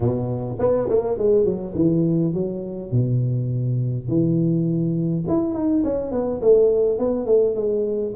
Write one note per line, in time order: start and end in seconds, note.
0.00 0.58 B2
0.59 0.88 B3
0.89 1.18 A#3
1.18 1.44 G#3
1.44 1.73 F#3
1.75 2.33 E3
2.33 2.91 F#3
2.91 4.08 B2
4.08 5.24 E3
5.27 5.53 E4
5.53 5.83 D#4
5.84 6.11 C#4
6.11 6.40 B3
6.41 6.98 A3
6.98 7.26 B3
7.26 7.55 A3
7.55 8.13 G#3